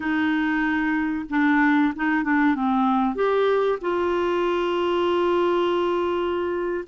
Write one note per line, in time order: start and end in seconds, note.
0.00 1.25 D#4
1.29 1.93 D4
1.95 2.23 D#4
2.23 2.55 D4
2.55 3.15 C4
3.15 3.79 G4
3.81 6.84 F4